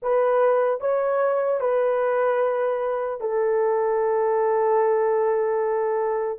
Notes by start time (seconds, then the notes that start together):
0.02 B4
0.80 C#5
1.60 B4
3.20 A4